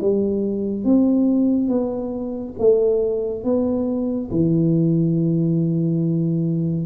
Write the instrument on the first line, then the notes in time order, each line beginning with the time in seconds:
tuba
0.00 G3
0.84 C4
1.68 B3
2.59 A3
3.44 B3
4.31 E3